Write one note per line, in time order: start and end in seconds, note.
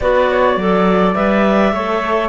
0.00 0.56 B3
0.00 0.59 F#4
0.00 0.30 B4
0.00 1.14 D5
0.30 0.58 C#5
0.56 1.14 F#3
0.56 1.15 A4
0.56 1.73 D5
1.14 1.72 G3
1.14 1.73 B4
1.14 2.28 E5
1.72 2.28 A3
1.72 2.28 A4
1.72 2.28 C#5